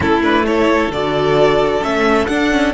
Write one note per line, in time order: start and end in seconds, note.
0.00 0.90 A3
0.00 0.21 C#4
0.00 0.47 E4
0.00 0.22 A4
0.22 0.44 D4
0.22 0.45 B4
0.44 0.90 E4
0.44 2.73 A4
0.44 0.91 C#5
0.90 1.81 D3
0.90 1.82 F#4
0.90 1.83 D5
1.82 2.28 A3
1.82 2.28 C#4
1.82 2.26 E5
2.26 2.73 D4
2.26 2.51 D4
2.26 2.72 F#5
2.51 2.73 C#4